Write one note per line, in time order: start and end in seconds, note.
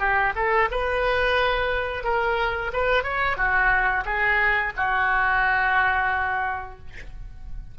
0.00 0.34 G4
0.36 0.70 A4
0.72 2.04 B4
2.04 2.72 A#4
2.74 3.04 B4
3.04 3.37 C#5
3.37 4.05 F#4
4.06 4.73 G#4
4.77 6.79 F#4